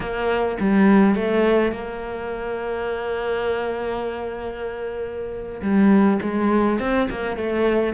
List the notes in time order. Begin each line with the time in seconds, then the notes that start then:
0.00 A#3
0.60 G3
1.15 A3
1.72 A#3
5.62 G3
6.22 G#3
6.79 C4
7.10 A#3
7.36 A3